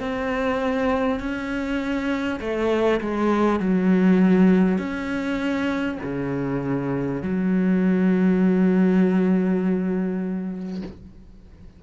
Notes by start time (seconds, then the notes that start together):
0.00 C4
1.20 C#4
2.41 A3
3.01 G#3
3.60 F#3
4.78 C#4
6.03 C#3
7.22 F#3